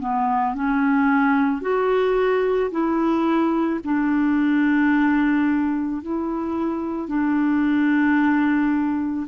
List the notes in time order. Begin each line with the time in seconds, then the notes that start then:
0.00 B3
0.55 C#4
1.62 F#4
2.71 E4
3.84 D4
6.02 E4
7.09 D4